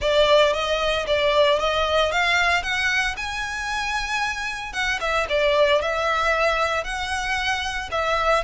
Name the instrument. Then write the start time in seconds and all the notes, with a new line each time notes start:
violin
0.01 D5
0.53 D#5
1.06 D5
1.59 D#5
2.11 F5
2.62 F#5
3.17 G#5
4.72 F#5
5.00 E5
5.29 D5
5.81 E5
6.84 F#5
7.91 E5